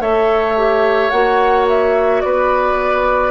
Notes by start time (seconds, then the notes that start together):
0.00 A3 A4 C#5 E5
0.57 G4
1.10 A#3 F#4 F#5
1.69 E5
2.22 B3 B4 D5